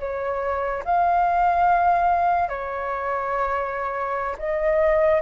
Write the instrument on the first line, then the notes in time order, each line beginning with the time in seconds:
flute
0.00 C#5
0.85 F5
2.49 C#5
4.38 D#5